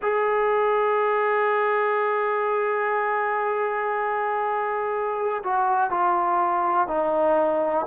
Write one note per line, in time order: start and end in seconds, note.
0.01 5.42 G#4
5.43 5.90 F#4
5.90 6.87 F4
6.87 7.86 D#4